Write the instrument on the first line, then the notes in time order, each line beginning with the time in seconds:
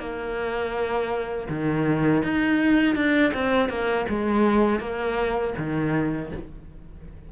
cello
0.00 A#3
1.49 D#3
2.23 D#4
2.96 D4
3.34 C4
3.69 A#3
4.09 G#3
4.80 A#3
5.58 D#3